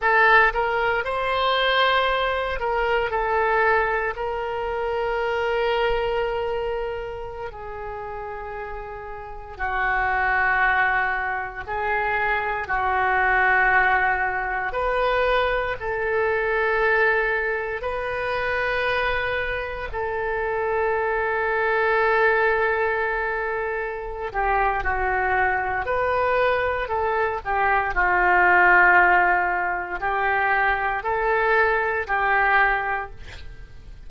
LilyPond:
\new Staff \with { instrumentName = "oboe" } { \time 4/4 \tempo 4 = 58 a'8 ais'8 c''4. ais'8 a'4 | ais'2.~ ais'16 gis'8.~ | gis'4~ gis'16 fis'2 gis'8.~ | gis'16 fis'2 b'4 a'8.~ |
a'4~ a'16 b'2 a'8.~ | a'2.~ a'8 g'8 | fis'4 b'4 a'8 g'8 f'4~ | f'4 g'4 a'4 g'4 | }